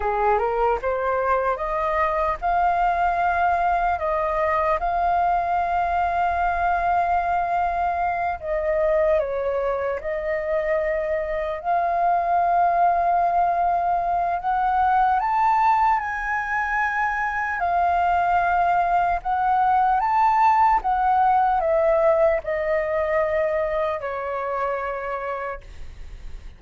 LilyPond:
\new Staff \with { instrumentName = "flute" } { \time 4/4 \tempo 4 = 75 gis'8 ais'8 c''4 dis''4 f''4~ | f''4 dis''4 f''2~ | f''2~ f''8 dis''4 cis''8~ | cis''8 dis''2 f''4.~ |
f''2 fis''4 a''4 | gis''2 f''2 | fis''4 a''4 fis''4 e''4 | dis''2 cis''2 | }